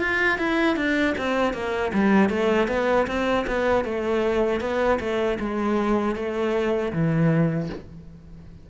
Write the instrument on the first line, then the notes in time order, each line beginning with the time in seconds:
cello
0.00 F4
0.38 E4
0.77 D4
1.18 C4
1.54 A#3
1.94 G3
2.30 A3
2.68 B3
3.07 C4
3.47 B3
3.85 A3
4.61 B3
5.00 A3
5.40 G#3
6.16 A3
6.93 E3